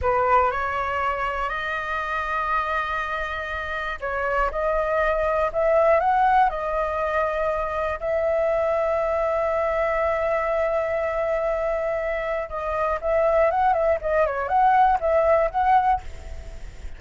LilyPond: \new Staff \with { instrumentName = "flute" } { \time 4/4 \tempo 4 = 120 b'4 cis''2 dis''4~ | dis''1 | cis''4 dis''2 e''4 | fis''4 dis''2. |
e''1~ | e''1~ | e''4 dis''4 e''4 fis''8 e''8 | dis''8 cis''8 fis''4 e''4 fis''4 | }